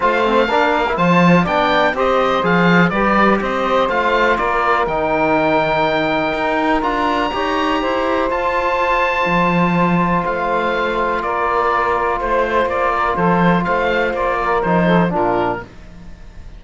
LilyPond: <<
  \new Staff \with { instrumentName = "oboe" } { \time 4/4 \tempo 4 = 123 f''2 a''4 g''4 | dis''4 f''4 d''4 dis''4 | f''4 d''4 g''2~ | g''2 ais''2~ |
ais''4 a''2.~ | a''4 f''2 d''4~ | d''4 c''4 d''4 c''4 | f''4 d''4 c''4 ais'4 | }
  \new Staff \with { instrumentName = "saxophone" } { \time 4/4 c''4 ais'4 c''4 d''4 | c''2 b'4 c''4~ | c''4 ais'2.~ | ais'2. cis''4 |
c''1~ | c''2. ais'4~ | ais'4 c''4. ais'8 a'4 | c''4. ais'4 a'8 f'4 | }
  \new Staff \with { instrumentName = "trombone" } { \time 4/4 f'8 c'8 d'8. e'16 f'4 d'4 | g'4 gis'4 g'2 | f'2 dis'2~ | dis'2 f'4 g'4~ |
g'4 f'2.~ | f'1~ | f'1~ | f'2 dis'4 d'4 | }
  \new Staff \with { instrumentName = "cello" } { \time 4/4 a4 ais4 f4 b4 | c'4 f4 g4 c'4 | a4 ais4 dis2~ | dis4 dis'4 d'4 dis'4 |
e'4 f'2 f4~ | f4 a2 ais4~ | ais4 a4 ais4 f4 | a4 ais4 f4 ais,4 | }
>>